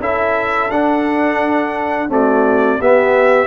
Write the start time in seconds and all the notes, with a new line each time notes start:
0.00 C#4 E4 A4 E5
0.70 D4 F#5
2.09 A3 C4 F#4 D5
2.79 B3 G4 E5